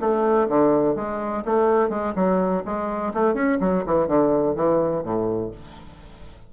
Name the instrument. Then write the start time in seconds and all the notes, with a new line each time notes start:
bassoon
0.00 A3
0.48 D3
0.95 G#3
1.45 A3
1.89 G#3
2.15 F#3
2.64 G#3
3.13 A3
3.34 C#4
3.60 F#3
3.86 E3
4.07 D3
4.55 E3
5.03 A2